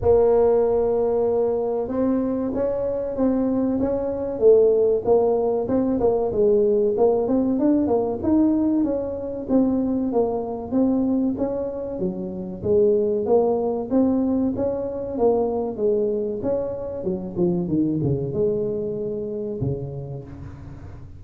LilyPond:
\new Staff \with { instrumentName = "tuba" } { \time 4/4 \tempo 4 = 95 ais2. c'4 | cis'4 c'4 cis'4 a4 | ais4 c'8 ais8 gis4 ais8 c'8 | d'8 ais8 dis'4 cis'4 c'4 |
ais4 c'4 cis'4 fis4 | gis4 ais4 c'4 cis'4 | ais4 gis4 cis'4 fis8 f8 | dis8 cis8 gis2 cis4 | }